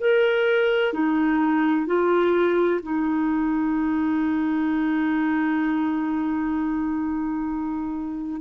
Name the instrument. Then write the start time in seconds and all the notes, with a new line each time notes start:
clarinet
0.00 A#4
0.93 D#4
1.86 F4
2.82 D#4